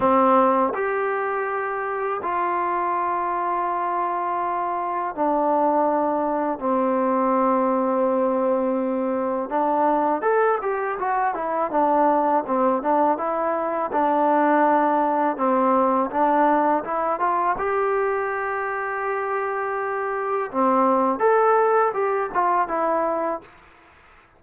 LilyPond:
\new Staff \with { instrumentName = "trombone" } { \time 4/4 \tempo 4 = 82 c'4 g'2 f'4~ | f'2. d'4~ | d'4 c'2.~ | c'4 d'4 a'8 g'8 fis'8 e'8 |
d'4 c'8 d'8 e'4 d'4~ | d'4 c'4 d'4 e'8 f'8 | g'1 | c'4 a'4 g'8 f'8 e'4 | }